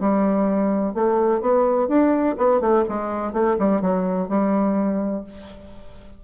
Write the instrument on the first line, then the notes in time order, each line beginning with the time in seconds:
bassoon
0.00 G3
0.94 A3
1.41 B3
1.88 D4
2.38 B3
2.61 A3
2.89 G#3
3.33 A3
3.59 G3
3.82 F#3
4.29 G3